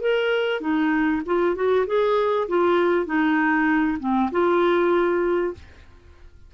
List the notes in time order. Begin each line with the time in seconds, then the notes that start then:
0.00 A#4
0.60 D#4
1.25 F4
1.55 F#4
1.86 G#4
2.48 F4
3.06 D#4
3.99 C4
4.31 F4